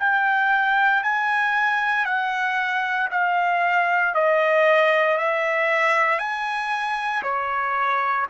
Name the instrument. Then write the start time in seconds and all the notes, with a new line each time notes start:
trumpet
0.00 G5
1.03 G#5
2.05 F#5
3.11 F5
4.15 D#5
5.18 E5
6.19 G#5
7.23 C#5